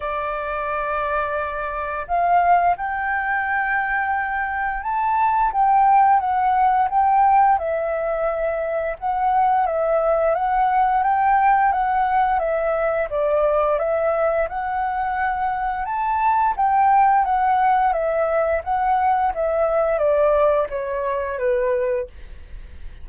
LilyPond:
\new Staff \with { instrumentName = "flute" } { \time 4/4 \tempo 4 = 87 d''2. f''4 | g''2. a''4 | g''4 fis''4 g''4 e''4~ | e''4 fis''4 e''4 fis''4 |
g''4 fis''4 e''4 d''4 | e''4 fis''2 a''4 | g''4 fis''4 e''4 fis''4 | e''4 d''4 cis''4 b'4 | }